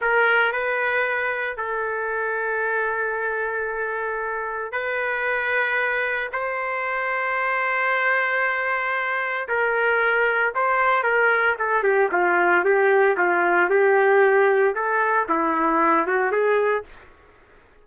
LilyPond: \new Staff \with { instrumentName = "trumpet" } { \time 4/4 \tempo 4 = 114 ais'4 b'2 a'4~ | a'1~ | a'4 b'2. | c''1~ |
c''2 ais'2 | c''4 ais'4 a'8 g'8 f'4 | g'4 f'4 g'2 | a'4 e'4. fis'8 gis'4 | }